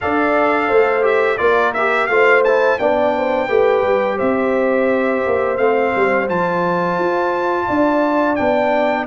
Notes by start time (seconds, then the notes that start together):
0.01 D4 A4 D5 F5
0.68 A3 C5
1.02 G4 E5
1.37 A#3 F4 A#4 D5
1.73 G4 E5
2.06 A3 F4 C5 F5
2.44 E4 A5
2.78 B3 D4 D5 G5
3.16 C5
3.47 A3 G4 B4
3.82 G3
4.17 C4 C5 E5
5.26 A#3
5.57 A3 C4 F5
5.95 G3
6.28 F3 F4 A5
6.99 F4
7.67 D4 D5
8.35 B3 D4 G5